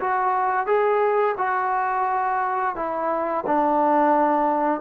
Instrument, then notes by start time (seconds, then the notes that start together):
trombone
0.00 F#4
0.66 G#4
1.38 F#4
2.76 E4
3.46 D4